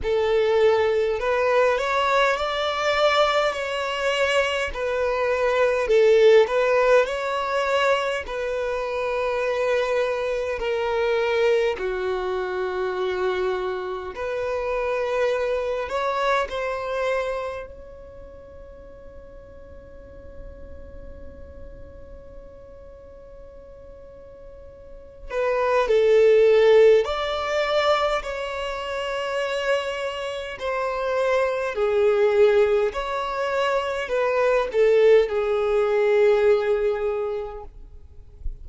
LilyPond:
\new Staff \with { instrumentName = "violin" } { \time 4/4 \tempo 4 = 51 a'4 b'8 cis''8 d''4 cis''4 | b'4 a'8 b'8 cis''4 b'4~ | b'4 ais'4 fis'2 | b'4. cis''8 c''4 cis''4~ |
cis''1~ | cis''4. b'8 a'4 d''4 | cis''2 c''4 gis'4 | cis''4 b'8 a'8 gis'2 | }